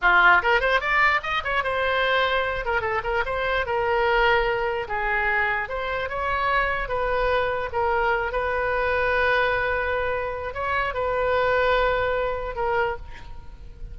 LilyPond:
\new Staff \with { instrumentName = "oboe" } { \time 4/4 \tempo 4 = 148 f'4 ais'8 c''8 d''4 dis''8 cis''8 | c''2~ c''8 ais'8 a'8 ais'8 | c''4 ais'2. | gis'2 c''4 cis''4~ |
cis''4 b'2 ais'4~ | ais'8 b'2.~ b'8~ | b'2 cis''4 b'4~ | b'2. ais'4 | }